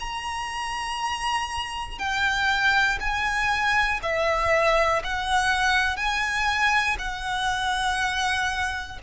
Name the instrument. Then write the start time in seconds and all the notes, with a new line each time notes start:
violin
0.00 A#5
1.99 G5
3.00 G#5
4.03 E5
5.04 F#5
5.97 G#5
6.99 F#5